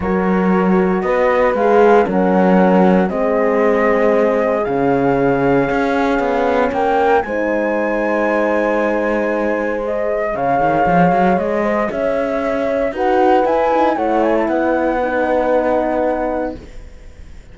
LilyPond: <<
  \new Staff \with { instrumentName = "flute" } { \time 4/4 \tempo 4 = 116 cis''2 dis''4 f''4 | fis''2 dis''2~ | dis''4 f''2.~ | f''4 g''4 gis''2~ |
gis''2. dis''4 | f''2 dis''4 e''4~ | e''4 fis''4 gis''4 fis''8 gis''16 a''16 | fis''1 | }
  \new Staff \with { instrumentName = "horn" } { \time 4/4 ais'2 b'2 | ais'2 gis'2~ | gis'1~ | gis'4 ais'4 c''2~ |
c''1 | cis''2~ cis''8 c''8 cis''4~ | cis''4 b'2 cis''4 | b'1 | }
  \new Staff \with { instrumentName = "horn" } { \time 4/4 fis'2. gis'4 | cis'2 c'2~ | c'4 cis'2.~ | cis'2 dis'2~ |
dis'2. gis'4~ | gis'1~ | gis'4 fis'4 e'8 dis'8 e'4~ | e'4 dis'2. | }
  \new Staff \with { instrumentName = "cello" } { \time 4/4 fis2 b4 gis4 | fis2 gis2~ | gis4 cis2 cis'4 | b4 ais4 gis2~ |
gis1 | cis8 dis8 f8 fis8 gis4 cis'4~ | cis'4 dis'4 e'4 a4 | b1 | }
>>